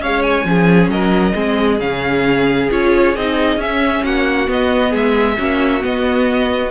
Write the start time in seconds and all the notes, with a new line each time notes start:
0.00 G#3 C#4 C#5 F5
0.22 G#5
0.45 F3 C#4 G#4
0.89 F#3 A#4 D#5
1.35 G#3 C4 G#4
1.80 C#3 C#4 F5
2.71 C#4 F4 C#5
3.16 C4 D#4 D#5
3.57 C#4 E5
4.03 A#3 F#4 F#5
4.47 B3 D#5
4.90 G#3 G#4 E5
5.39 A#3 C#4 F#4
5.81 B3 D#5